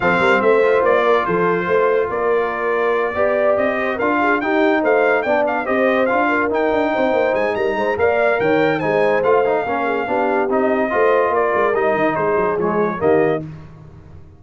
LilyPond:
<<
  \new Staff \with { instrumentName = "trumpet" } { \time 4/4 \tempo 4 = 143 f''4 e''4 d''4 c''4~ | c''4 d''2.~ | d''8 dis''4 f''4 g''4 f''8~ | f''8 g''8 f''8 dis''4 f''4 g''8~ |
g''4. gis''8 ais''4 f''4 | g''4 gis''4 f''2~ | f''4 dis''2 d''4 | dis''4 c''4 cis''4 dis''4 | }
  \new Staff \with { instrumentName = "horn" } { \time 4/4 a'8 ais'8 c''4. ais'8 a'4 | c''4 ais'2~ ais'8 d''8~ | d''4 c''8 ais'8 gis'8 g'4 c''8~ | c''8 d''4 c''4. ais'4~ |
ais'8 c''4. ais'8 c''8 d''4 | cis''4 c''2 ais'8 gis'8 | g'2 c''4 ais'4~ | ais'4 gis'2 g'4 | }
  \new Staff \with { instrumentName = "trombone" } { \time 4/4 c'4. f'2~ f'8~ | f'2.~ f'8 g'8~ | g'4. f'4 dis'4.~ | dis'8 d'4 g'4 f'4 dis'8~ |
dis'2. ais'4~ | ais'4 dis'4 f'8 dis'8 cis'4 | d'4 dis'4 f'2 | dis'2 gis4 ais4 | }
  \new Staff \with { instrumentName = "tuba" } { \time 4/4 f8 g8 a4 ais4 f4 | a4 ais2~ ais8 b8~ | b8 c'4 d'4 dis'4 a8~ | a8 b4 c'4 d'4 dis'8 |
d'8 c'8 ais8 gis8 g8 gis8 ais4 | dis4 gis4 a4 ais4 | b4 c'4 a4 ais8 gis8 | g8 dis8 gis8 fis8 f4 dis4 | }
>>